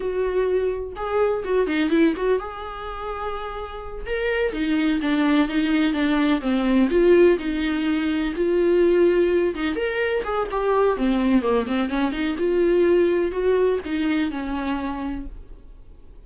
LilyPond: \new Staff \with { instrumentName = "viola" } { \time 4/4 \tempo 4 = 126 fis'2 gis'4 fis'8 dis'8 | e'8 fis'8 gis'2.~ | gis'8 ais'4 dis'4 d'4 dis'8~ | dis'8 d'4 c'4 f'4 dis'8~ |
dis'4. f'2~ f'8 | dis'8 ais'4 gis'8 g'4 c'4 | ais8 c'8 cis'8 dis'8 f'2 | fis'4 dis'4 cis'2 | }